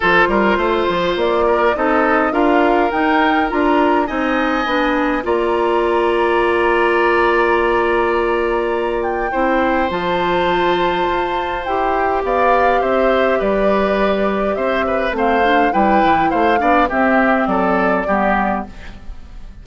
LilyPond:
<<
  \new Staff \with { instrumentName = "flute" } { \time 4/4 \tempo 4 = 103 c''2 d''4 dis''4 | f''4 g''4 ais''4 gis''4~ | gis''4 ais''2.~ | ais''2.~ ais''8 g''8~ |
g''4 a''2. | g''4 f''4 e''4 d''4~ | d''4 e''4 f''4 g''4 | f''4 e''4 d''2 | }
  \new Staff \with { instrumentName = "oboe" } { \time 4/4 a'8 ais'8 c''4. ais'8 a'4 | ais'2. dis''4~ | dis''4 d''2.~ | d''1 |
c''1~ | c''4 d''4 c''4 b'4~ | b'4 c''8 b'8 c''4 b'4 | c''8 d''8 g'4 a'4 g'4 | }
  \new Staff \with { instrumentName = "clarinet" } { \time 4/4 f'2. dis'4 | f'4 dis'4 f'4 dis'4 | d'4 f'2.~ | f'1 |
e'4 f'2. | g'1~ | g'2 c'8 d'8 e'4~ | e'8 d'8 c'2 b4 | }
  \new Staff \with { instrumentName = "bassoon" } { \time 4/4 f8 g8 a8 f8 ais4 c'4 | d'4 dis'4 d'4 c'4 | b4 ais2.~ | ais1 |
c'4 f2 f'4 | e'4 b4 c'4 g4~ | g4 c'4 a4 g8 e8 | a8 b8 c'4 fis4 g4 | }
>>